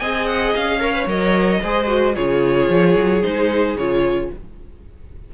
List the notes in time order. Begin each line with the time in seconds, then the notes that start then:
0.00 C4 G#4 D#5 G#5
0.27 F#5
0.55 C#4 F5
0.81 A#4 C#5
0.93 B4
1.07 F#3 A#4 D#5
1.63 G#3 G#4 C5
1.87 F#4
2.15 C#3 F4 G#4 C#5
2.70 F3
2.97 F#3
3.23 G#3 D#4 C5
3.76 C#3 F4 C#5